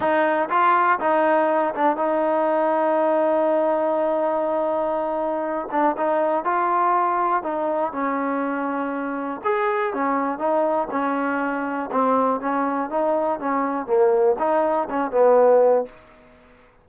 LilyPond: \new Staff \with { instrumentName = "trombone" } { \time 4/4 \tempo 4 = 121 dis'4 f'4 dis'4. d'8 | dis'1~ | dis'2.~ dis'8 d'8 | dis'4 f'2 dis'4 |
cis'2. gis'4 | cis'4 dis'4 cis'2 | c'4 cis'4 dis'4 cis'4 | ais4 dis'4 cis'8 b4. | }